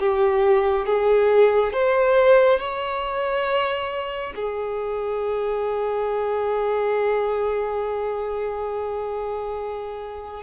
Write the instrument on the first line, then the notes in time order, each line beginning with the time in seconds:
violin
0.00 G4
0.87 G#4
1.74 C5
2.60 C#5
4.36 G#4